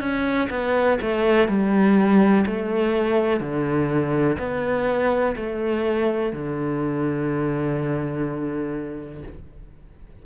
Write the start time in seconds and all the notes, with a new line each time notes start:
0.00 C#4
0.50 B3
1.01 A3
1.48 G3
2.46 A3
3.40 D3
4.39 B3
5.36 A3
6.33 D3